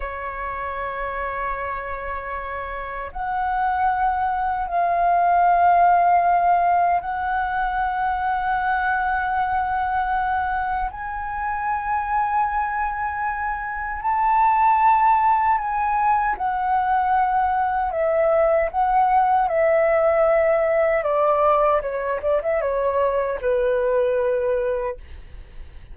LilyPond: \new Staff \with { instrumentName = "flute" } { \time 4/4 \tempo 4 = 77 cis''1 | fis''2 f''2~ | f''4 fis''2.~ | fis''2 gis''2~ |
gis''2 a''2 | gis''4 fis''2 e''4 | fis''4 e''2 d''4 | cis''8 d''16 e''16 cis''4 b'2 | }